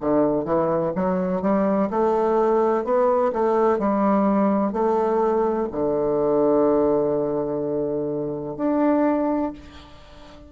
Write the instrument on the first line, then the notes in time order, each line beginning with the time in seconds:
bassoon
0.00 D3
0.44 E3
0.95 F#3
1.42 G3
1.90 A3
2.84 B3
3.32 A3
3.78 G3
4.72 A3
5.71 D3
8.56 D4